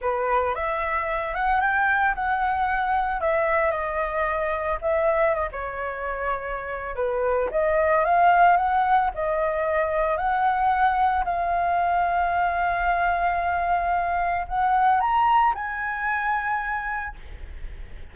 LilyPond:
\new Staff \with { instrumentName = "flute" } { \time 4/4 \tempo 4 = 112 b'4 e''4. fis''8 g''4 | fis''2 e''4 dis''4~ | dis''4 e''4 dis''16 cis''4.~ cis''16~ | cis''4 b'4 dis''4 f''4 |
fis''4 dis''2 fis''4~ | fis''4 f''2.~ | f''2. fis''4 | ais''4 gis''2. | }